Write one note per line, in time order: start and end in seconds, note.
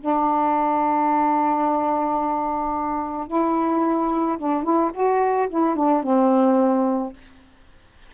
0.00 3.27 D4
3.27 4.37 E4
4.38 4.63 D4
4.63 4.91 E4
4.93 5.48 F#4
5.49 5.76 E4
5.76 6.03 D4
6.03 7.13 C4